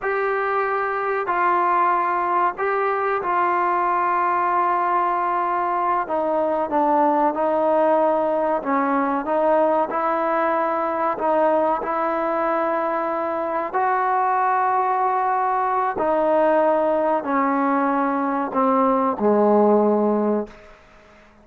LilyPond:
\new Staff \with { instrumentName = "trombone" } { \time 4/4 \tempo 4 = 94 g'2 f'2 | g'4 f'2.~ | f'4. dis'4 d'4 dis'8~ | dis'4. cis'4 dis'4 e'8~ |
e'4. dis'4 e'4.~ | e'4. fis'2~ fis'8~ | fis'4 dis'2 cis'4~ | cis'4 c'4 gis2 | }